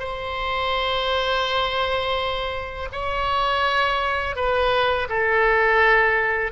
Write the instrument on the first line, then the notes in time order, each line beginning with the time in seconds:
oboe
0.00 C5
2.93 C#5
4.36 B4
5.10 A4